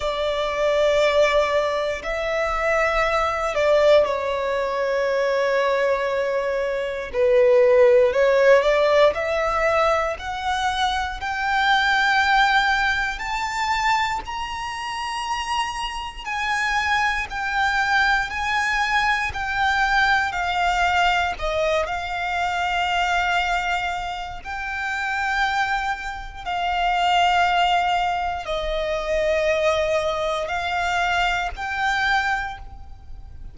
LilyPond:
\new Staff \with { instrumentName = "violin" } { \time 4/4 \tempo 4 = 59 d''2 e''4. d''8 | cis''2. b'4 | cis''8 d''8 e''4 fis''4 g''4~ | g''4 a''4 ais''2 |
gis''4 g''4 gis''4 g''4 | f''4 dis''8 f''2~ f''8 | g''2 f''2 | dis''2 f''4 g''4 | }